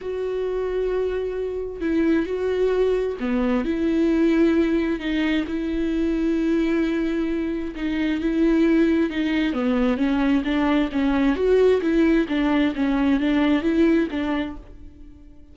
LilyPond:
\new Staff \with { instrumentName = "viola" } { \time 4/4 \tempo 4 = 132 fis'1 | e'4 fis'2 b4 | e'2. dis'4 | e'1~ |
e'4 dis'4 e'2 | dis'4 b4 cis'4 d'4 | cis'4 fis'4 e'4 d'4 | cis'4 d'4 e'4 d'4 | }